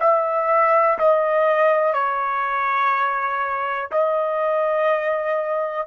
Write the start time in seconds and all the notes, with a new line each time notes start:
0.00 E5
0.98 D#5
1.93 C#5
3.91 D#5